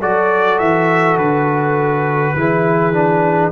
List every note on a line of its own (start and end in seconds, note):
0.00 0.60 F#3
0.00 2.36 F#4
0.00 2.35 A4
0.00 0.59 D5
0.59 1.17 E3
0.59 1.17 E5
1.17 2.35 D3
1.17 3.52 B4
2.36 3.52 E3
2.36 2.93 E4
2.36 3.52 G#4
2.93 3.52 D4